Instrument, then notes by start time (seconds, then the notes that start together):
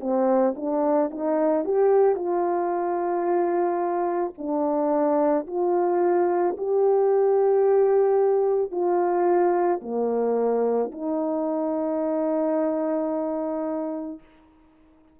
horn
0.00 C4
0.56 D4
1.11 D#4
1.65 G4
2.15 F4
4.37 D4
5.47 F4
6.58 G4
8.71 F4
9.82 A#3
10.92 D#4